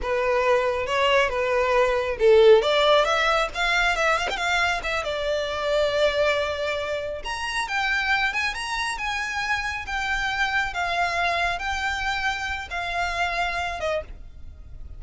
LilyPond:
\new Staff \with { instrumentName = "violin" } { \time 4/4 \tempo 4 = 137 b'2 cis''4 b'4~ | b'4 a'4 d''4 e''4 | f''4 e''8 f''16 g''16 f''4 e''8 d''8~ | d''1~ |
d''8 ais''4 g''4. gis''8 ais''8~ | ais''8 gis''2 g''4.~ | g''8 f''2 g''4.~ | g''4 f''2~ f''8 dis''8 | }